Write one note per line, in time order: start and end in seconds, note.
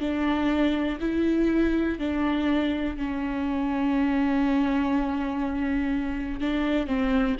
0.00 0.98 D4
1.01 1.99 E4
1.99 2.97 D4
2.97 6.40 C#4
6.40 6.87 D4
6.87 7.36 C4